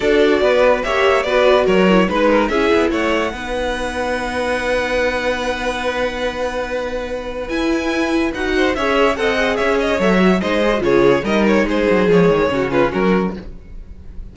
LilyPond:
<<
  \new Staff \with { instrumentName = "violin" } { \time 4/4 \tempo 4 = 144 d''2 e''4 d''4 | cis''4 b'4 e''4 fis''4~ | fis''1~ | fis''1~ |
fis''2 gis''2 | fis''4 e''4 fis''4 e''8 dis''8 | e''4 dis''4 cis''4 dis''8 cis''8 | c''4 cis''4. b'8 ais'4 | }
  \new Staff \with { instrumentName = "violin" } { \time 4/4 a'4 b'4 cis''4 b'4 | ais'4 b'8 ais'8 gis'4 cis''4 | b'1~ | b'1~ |
b'1~ | b'8 c''8 cis''4 dis''4 cis''4~ | cis''4 c''4 gis'4 ais'4 | gis'2 fis'8 f'8 fis'4 | }
  \new Staff \with { instrumentName = "viola" } { \time 4/4 fis'2 g'4 fis'4~ | fis'8 e'8 dis'4 e'2 | dis'1~ | dis'1~ |
dis'2 e'2 | fis'4 gis'4 a'8 gis'4. | a'8 fis'8 dis'8 gis'16 fis'16 f'4 dis'4~ | dis'4 gis4 cis'2 | }
  \new Staff \with { instrumentName = "cello" } { \time 4/4 d'4 b4 ais4 b4 | fis4 gis4 cis'8 b8 a4 | b1~ | b1~ |
b2 e'2 | dis'4 cis'4 c'4 cis'4 | fis4 gis4 cis4 g4 | gis8 fis8 f8 dis8 cis4 fis4 | }
>>